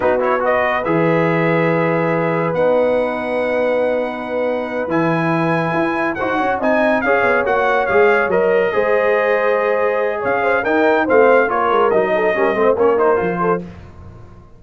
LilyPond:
<<
  \new Staff \with { instrumentName = "trumpet" } { \time 4/4 \tempo 4 = 141 b'8 cis''8 dis''4 e''2~ | e''2 fis''2~ | fis''2.~ fis''8 gis''8~ | gis''2~ gis''8 fis''4 gis''8~ |
gis''8 f''4 fis''4 f''4 dis''8~ | dis''1 | f''4 g''4 f''4 cis''4 | dis''2 cis''8 c''4. | }
  \new Staff \with { instrumentName = "horn" } { \time 4/4 fis'4 b'2.~ | b'1~ | b'1~ | b'2~ b'8 c''8 cis''8 dis''8~ |
dis''8 cis''2.~ cis''8~ | cis''8 c''2.~ c''8 | cis''8 c''8 ais'4 c''4 ais'4~ | ais'8 a'8 ais'8 c''8 ais'4. a'8 | }
  \new Staff \with { instrumentName = "trombone" } { \time 4/4 dis'8 e'8 fis'4 gis'2~ | gis'2 dis'2~ | dis'2.~ dis'8 e'8~ | e'2~ e'8 fis'4 dis'8~ |
dis'8 gis'4 fis'4 gis'4 ais'8~ | ais'8 gis'2.~ gis'8~ | gis'4 dis'4 c'4 f'4 | dis'4 cis'8 c'8 cis'8 dis'8 f'4 | }
  \new Staff \with { instrumentName = "tuba" } { \time 4/4 b2 e2~ | e2 b2~ | b2.~ b8 e8~ | e4. e'4 dis'8 cis'8 c'8~ |
c'8 cis'8 b8 ais4 gis4 fis8~ | fis8 gis2.~ gis8 | cis'4 dis'4 a4 ais8 gis8 | fis4 g8 a8 ais4 f4 | }
>>